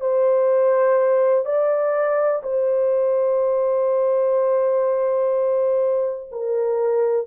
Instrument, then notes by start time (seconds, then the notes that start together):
horn
0.00 C5
1.45 D5
2.42 C5
6.31 A#4